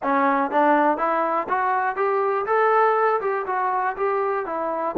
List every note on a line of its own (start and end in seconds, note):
0.02 0.50 C#4
0.50 0.97 D4
0.97 1.47 E4
1.48 1.95 F#4
1.95 2.45 G4
2.46 3.20 A4
3.21 3.45 G4
3.46 3.96 F#4
3.96 4.45 G4
4.45 4.95 E4